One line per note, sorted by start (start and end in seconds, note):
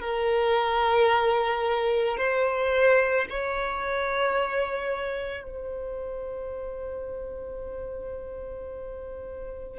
0.00 2.17 A#4
2.17 3.26 C5
3.29 5.43 C#5
5.43 9.79 C5